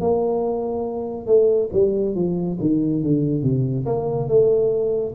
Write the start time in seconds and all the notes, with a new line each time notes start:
0.00 A#3
1.27 A3
1.72 G3
2.15 F3
2.60 D#3
3.03 D3
3.42 C3
3.86 A#3
4.28 A3